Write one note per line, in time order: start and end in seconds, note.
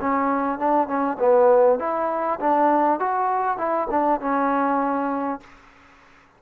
0.00 0.58 C#4
0.58 0.87 D4
0.87 1.17 C#4
1.19 1.79 B3
1.79 2.39 E4
2.39 2.99 D4
2.99 3.57 F#4
3.57 3.87 E4
3.90 4.20 D4
4.20 5.40 C#4